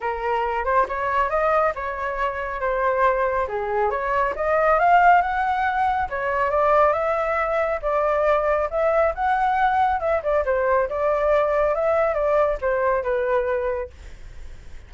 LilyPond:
\new Staff \with { instrumentName = "flute" } { \time 4/4 \tempo 4 = 138 ais'4. c''8 cis''4 dis''4 | cis''2 c''2 | gis'4 cis''4 dis''4 f''4 | fis''2 cis''4 d''4 |
e''2 d''2 | e''4 fis''2 e''8 d''8 | c''4 d''2 e''4 | d''4 c''4 b'2 | }